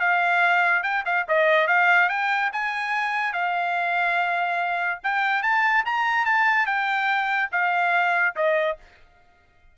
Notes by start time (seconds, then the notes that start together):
0.00 F5
0.83 G5
1.06 F5
1.29 D#5
1.67 F5
2.09 G5
2.53 G#5
3.33 F5
5.03 G5
5.43 A5
5.85 A#5
6.26 A5
6.66 G5
7.52 F5
8.36 D#5